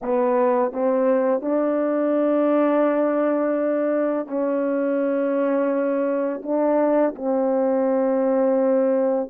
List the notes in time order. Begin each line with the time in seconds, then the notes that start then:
0.02 B3
0.72 C4
1.41 D4
4.27 C#4
6.43 D4
7.15 C4